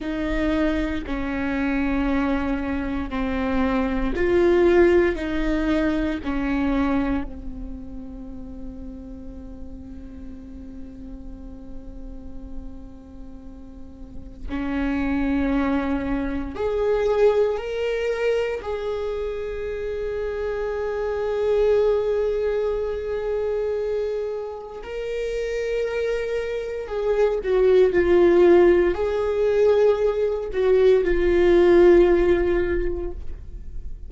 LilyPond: \new Staff \with { instrumentName = "viola" } { \time 4/4 \tempo 4 = 58 dis'4 cis'2 c'4 | f'4 dis'4 cis'4 c'4~ | c'1~ | c'2 cis'2 |
gis'4 ais'4 gis'2~ | gis'1 | ais'2 gis'8 fis'8 f'4 | gis'4. fis'8 f'2 | }